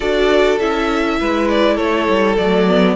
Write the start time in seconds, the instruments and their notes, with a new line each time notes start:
0.00 cello D4, viola F#4, violin A4 D5
0.59 cello C#4, viola E4, violin E5
1.20 cello G#3, violin B4
1.49 violin D5
1.75 cello A3, violin A4 C#5
2.08 cello G3
2.37 cello F#3, viola A3, violin D5
2.67 viola B3